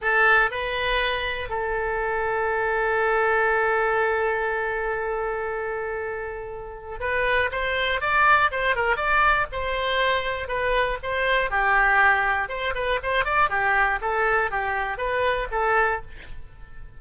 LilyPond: \new Staff \with { instrumentName = "oboe" } { \time 4/4 \tempo 4 = 120 a'4 b'2 a'4~ | a'1~ | a'1~ | a'2 b'4 c''4 |
d''4 c''8 ais'8 d''4 c''4~ | c''4 b'4 c''4 g'4~ | g'4 c''8 b'8 c''8 d''8 g'4 | a'4 g'4 b'4 a'4 | }